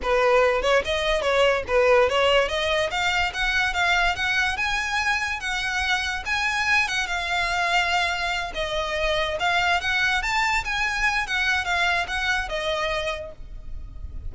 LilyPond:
\new Staff \with { instrumentName = "violin" } { \time 4/4 \tempo 4 = 144 b'4. cis''8 dis''4 cis''4 | b'4 cis''4 dis''4 f''4 | fis''4 f''4 fis''4 gis''4~ | gis''4 fis''2 gis''4~ |
gis''8 fis''8 f''2.~ | f''8 dis''2 f''4 fis''8~ | fis''8 a''4 gis''4. fis''4 | f''4 fis''4 dis''2 | }